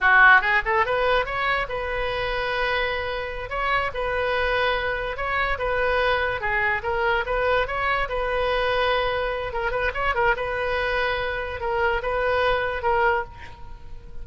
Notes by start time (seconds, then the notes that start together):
0.01 F#4
0.41 G#4
0.65 A4
0.85 B4
1.25 C#5
1.68 B4
3.49 C#5
3.94 B4
5.16 C#5
5.58 B4
6.40 G#4
6.83 A#4
7.25 B4
7.67 C#5
8.09 B4
9.52 A#4
9.71 B4
9.93 C#5
10.14 A#4
10.36 B4
11.60 A#4
12.02 B4
12.82 A#4